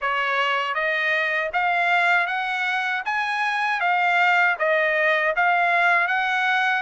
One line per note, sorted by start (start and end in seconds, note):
0.01 0.74 C#5
0.74 1.50 D#5
1.53 2.26 F5
2.26 3.02 F#5
3.05 3.80 G#5
3.80 4.56 F5
4.58 5.34 D#5
5.36 6.07 F5
6.07 6.82 F#5